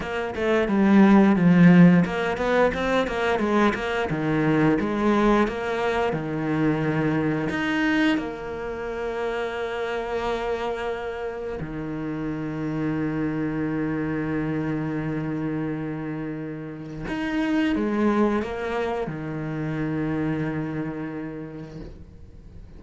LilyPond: \new Staff \with { instrumentName = "cello" } { \time 4/4 \tempo 4 = 88 ais8 a8 g4 f4 ais8 b8 | c'8 ais8 gis8 ais8 dis4 gis4 | ais4 dis2 dis'4 | ais1~ |
ais4 dis2.~ | dis1~ | dis4 dis'4 gis4 ais4 | dis1 | }